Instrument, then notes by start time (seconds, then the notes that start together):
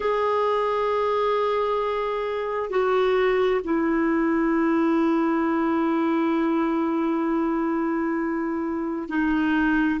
clarinet
0.00 G#4
2.69 F#4
3.64 E4
9.09 D#4